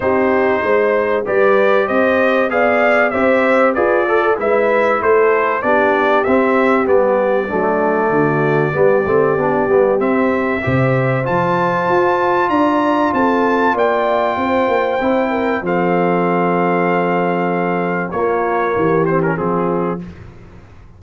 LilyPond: <<
  \new Staff \with { instrumentName = "trumpet" } { \time 4/4 \tempo 4 = 96 c''2 d''4 dis''4 | f''4 e''4 d''4 e''4 | c''4 d''4 e''4 d''4~ | d''1 |
e''2 a''2 | ais''4 a''4 g''2~ | g''4 f''2.~ | f''4 cis''4. c''16 ais'16 gis'4 | }
  \new Staff \with { instrumentName = "horn" } { \time 4/4 g'4 c''4 b'4 c''4 | d''4 c''4 b'8 a'8 b'4 | a'4 g'2. | d'4 fis'4 g'2~ |
g'4 c''2. | d''4 a'4 d''4 c''4~ | c''8 ais'8 a'2.~ | a'4 f'4 g'4 f'4 | }
  \new Staff \with { instrumentName = "trombone" } { \time 4/4 dis'2 g'2 | gis'4 g'4 gis'8 a'8 e'4~ | e'4 d'4 c'4 b4 | a2 b8 c'8 d'8 b8 |
c'4 g'4 f'2~ | f'1 | e'4 c'2.~ | c'4 ais4. c'16 cis'16 c'4 | }
  \new Staff \with { instrumentName = "tuba" } { \time 4/4 c'4 gis4 g4 c'4 | b4 c'4 f'4 gis4 | a4 b4 c'4 g4 | fis4 d4 g8 a8 b8 g8 |
c'4 c4 f4 f'4 | d'4 c'4 ais4 c'8 ais8 | c'4 f2.~ | f4 ais4 e4 f4 | }
>>